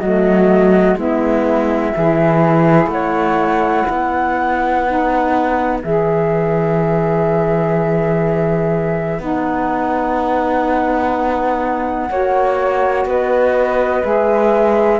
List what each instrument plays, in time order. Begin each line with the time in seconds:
0.00 cello F#3, saxophone A3, flute F#4 D#5
0.96 cello G#3, saxophone B3, flute E4 E5
1.95 cello E3, saxophone E4, flute G#4
2.87 cello A3, flute C#5 F#5
3.87 cello B3, flute B4
4.86 saxophone D#4
5.82 cello E3, saxophone G#4, flute E5
9.19 cello B3, saxophone D#4, flute F#5
12.10 cello A#3, saxophone F#4, flute C#5
13.05 cello B3, flute B4 D#5
14.03 cello G#3, saxophone G#4, flute E5